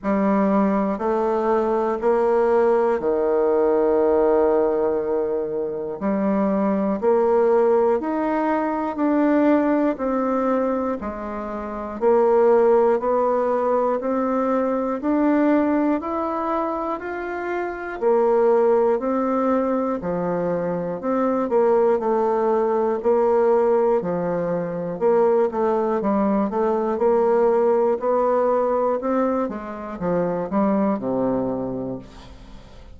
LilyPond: \new Staff \with { instrumentName = "bassoon" } { \time 4/4 \tempo 4 = 60 g4 a4 ais4 dis4~ | dis2 g4 ais4 | dis'4 d'4 c'4 gis4 | ais4 b4 c'4 d'4 |
e'4 f'4 ais4 c'4 | f4 c'8 ais8 a4 ais4 | f4 ais8 a8 g8 a8 ais4 | b4 c'8 gis8 f8 g8 c4 | }